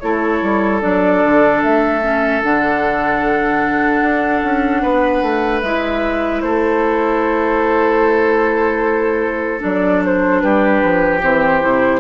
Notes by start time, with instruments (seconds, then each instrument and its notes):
0.00 bassoon A3, clarinet E4, oboe A4, flute C#5
0.42 bassoon G3
0.81 bassoon F#3, clarinet D4, flute D5
1.23 bassoon D3
1.62 bassoon A3, flute E5
2.02 clarinet C#4
2.42 bassoon D3, clarinet D4, flute F#5
4.02 bassoon D4
4.43 bassoon C#4
4.82 bassoon B3, oboe B4
5.22 bassoon A3
5.61 bassoon G#3, clarinet E4, flute E5
6.41 bassoon A3, oboe A4, flute C5
9.60 bassoon F#3, clarinet D4, flute D5
10.05 flute C5
10.41 bassoon G3, oboe G4, flute B4
10.84 bassoon F3
11.23 bassoon E3, clarinet C4, flute C5
11.61 bassoon C3, clarinet E4